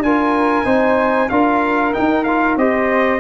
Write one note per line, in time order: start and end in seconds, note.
0.00 0.64 D4
0.00 0.65 F4
0.00 0.65 A#4
0.00 1.30 G#5
0.65 1.29 C4
0.65 1.29 D#4
0.65 1.29 C5
1.30 1.95 D4
1.30 1.94 F4
1.30 2.59 A#4
1.30 1.93 F5
1.94 2.26 D#4
1.94 2.57 D#4
1.94 2.24 G5
2.24 2.58 F4
2.24 2.56 F5
2.57 3.20 C4
2.57 3.20 G4
2.57 3.20 C5
2.57 3.20 D#5